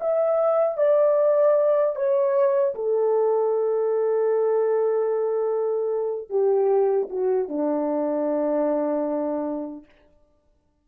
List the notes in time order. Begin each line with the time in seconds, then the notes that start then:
0.00 E5
0.77 D5
1.95 C#5
2.75 A4
6.29 G4
7.09 F#4
7.48 D4